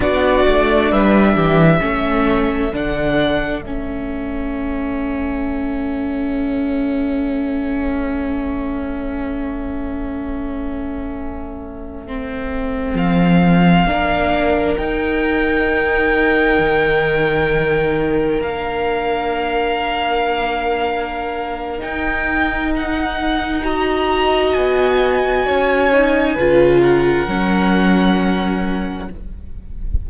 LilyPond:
<<
  \new Staff \with { instrumentName = "violin" } { \time 4/4 \tempo 4 = 66 d''4 e''2 fis''4 | e''1~ | e''1~ | e''2~ e''16 f''4.~ f''16~ |
f''16 g''2.~ g''8.~ | g''16 f''2.~ f''8. | g''4 fis''4 ais''4 gis''4~ | gis''4. fis''2~ fis''8 | }
  \new Staff \with { instrumentName = "violin" } { \time 4/4 fis'4 b'8 g'8 a'2~ | a'1~ | a'1~ | a'2.~ a'16 ais'8.~ |
ais'1~ | ais'1~ | ais'2 dis''2 | cis''4 b'8 ais'2~ ais'8 | }
  \new Staff \with { instrumentName = "viola" } { \time 4/4 d'2 cis'4 d'4 | cis'1~ | cis'1~ | cis'4~ cis'16 c'2 d'8.~ |
d'16 dis'2.~ dis'8.~ | dis'16 d'2.~ d'8. | dis'2 fis'2~ | fis'8 dis'8 f'4 cis'2 | }
  \new Staff \with { instrumentName = "cello" } { \time 4/4 b8 a8 g8 e8 a4 d4 | a1~ | a1~ | a2~ a16 f4 ais8.~ |
ais16 dis'2 dis4.~ dis16~ | dis16 ais2.~ ais8. | dis'2. b4 | cis'4 cis4 fis2 | }
>>